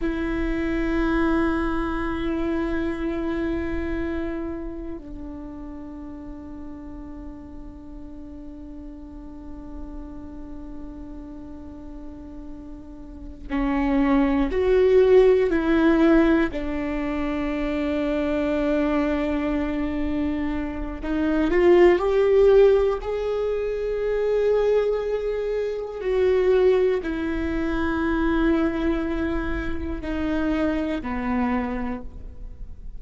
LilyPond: \new Staff \with { instrumentName = "viola" } { \time 4/4 \tempo 4 = 60 e'1~ | e'4 d'2.~ | d'1~ | d'4. cis'4 fis'4 e'8~ |
e'8 d'2.~ d'8~ | d'4 dis'8 f'8 g'4 gis'4~ | gis'2 fis'4 e'4~ | e'2 dis'4 b4 | }